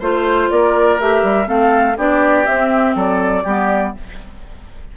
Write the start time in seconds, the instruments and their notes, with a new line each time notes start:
0.00 bassoon A3, clarinet F4, oboe C5, flute C5
0.51 bassoon A#3, oboe A#4, flute D5
1.00 bassoon A3, clarinet G4, flute E5
1.23 bassoon G3
1.46 bassoon A3, clarinet C4, oboe A4, flute F5
1.98 bassoon B3, clarinet D4, oboe G4, flute D5
2.47 clarinet C4, bassoon C4, flute E5
2.96 bassoon F#3, oboe A4, flute D5
3.44 bassoon G3, clarinet B3, oboe G4